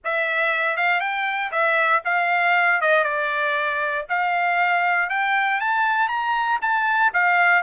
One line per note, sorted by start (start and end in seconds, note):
0.04 0.77 E5
0.77 1.00 F5
1.00 1.51 G5
1.51 2.02 E5
2.05 2.81 F5
2.81 3.04 D#5
3.04 4.05 D5
4.09 5.09 F5
5.09 5.60 G5
5.60 6.08 A5
6.08 6.59 A#5
6.61 7.12 A5
7.13 7.62 F5